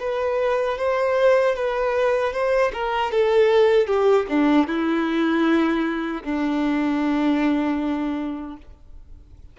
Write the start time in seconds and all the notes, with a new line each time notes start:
0.00 B4
0.78 C5
1.56 B4
2.33 C5
2.73 A#4
3.12 A4
3.87 G4
4.29 D4
4.68 E4
6.23 D4